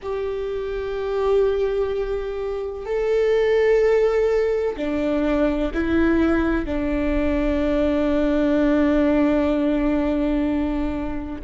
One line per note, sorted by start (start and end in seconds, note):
0.02 2.85 G4
2.85 4.76 A4
4.76 5.71 D4
5.74 6.65 E4
6.65 11.41 D4